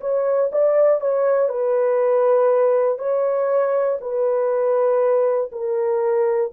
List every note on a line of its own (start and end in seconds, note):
0.00 0.50 C#5
0.51 1.00 D5
1.00 1.49 C#5
1.49 2.98 B4
2.98 3.98 C#5
4.00 5.50 B4
5.51 6.51 A#4